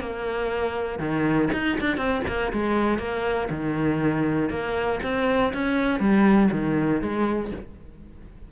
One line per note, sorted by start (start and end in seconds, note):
0.00 0.99 A#3
0.99 1.49 D#3
1.53 1.78 D#4
1.80 1.97 D4
1.97 2.22 C4
2.27 2.52 A#3
2.52 2.99 G#3
2.99 3.49 A#3
3.50 4.50 D#3
4.50 5.00 A#3
5.02 5.52 C4
5.53 6.00 C#4
6.00 6.50 G3
6.51 7.01 D#3
7.01 7.51 G#3